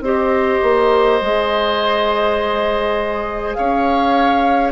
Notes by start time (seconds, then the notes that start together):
0.00 C4 G4 C5 D#5
0.62 A#3
1.21 G#3 G#4
3.53 C#4 C#5 F5